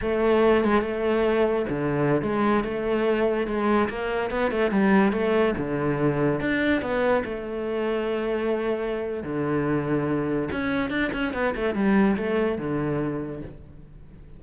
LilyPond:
\new Staff \with { instrumentName = "cello" } { \time 4/4 \tempo 4 = 143 a4. gis8 a2 | d4~ d16 gis4 a4.~ a16~ | a16 gis4 ais4 b8 a8 g8.~ | g16 a4 d2 d'8.~ |
d'16 b4 a2~ a8.~ | a2 d2~ | d4 cis'4 d'8 cis'8 b8 a8 | g4 a4 d2 | }